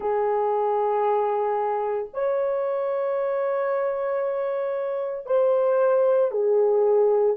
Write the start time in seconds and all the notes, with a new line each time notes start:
0.00 G#4
2.13 C#5
5.25 C5
6.31 G#4